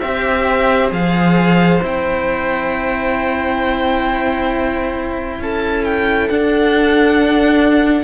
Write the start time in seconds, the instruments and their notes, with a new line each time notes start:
0.00 cello C4 G4, viola C5, violin E5
0.90 cello F3 G#4, violin F5
1.82 cello C4 E4, violin G5
5.39 cello C#4, viola A4, violin A5
5.84 violin G5
6.29 cello D4, violin F#5